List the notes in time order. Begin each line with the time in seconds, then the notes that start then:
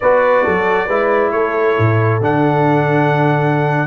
0.00 B3 F#4 B4 D5
0.43 F#3 A4
0.86 G#3 E4 B4
1.31 A3 A4 C#5
1.78 A2
2.20 D3 D4 F#5